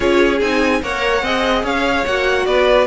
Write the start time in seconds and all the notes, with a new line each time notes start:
0.00 C#4 F4 G#4 C#5
0.40 C4 D#4 G#5
0.82 A#3 A#4 C#5 F#5
1.22 C4 G#4 D#5
1.63 C#4 C#5 F5
2.05 A#3 F#4 F#5
2.46 B3 B4 D5